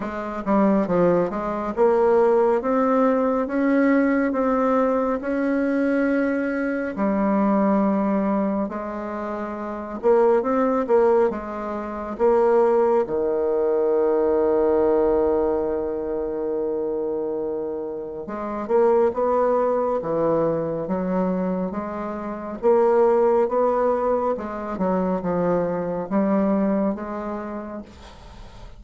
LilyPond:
\new Staff \with { instrumentName = "bassoon" } { \time 4/4 \tempo 4 = 69 gis8 g8 f8 gis8 ais4 c'4 | cis'4 c'4 cis'2 | g2 gis4. ais8 | c'8 ais8 gis4 ais4 dis4~ |
dis1~ | dis4 gis8 ais8 b4 e4 | fis4 gis4 ais4 b4 | gis8 fis8 f4 g4 gis4 | }